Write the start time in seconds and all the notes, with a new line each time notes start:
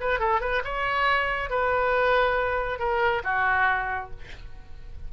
0.00 B4
0.19 A4
0.41 B4
0.64 C#5
1.50 B4
2.79 A#4
3.24 F#4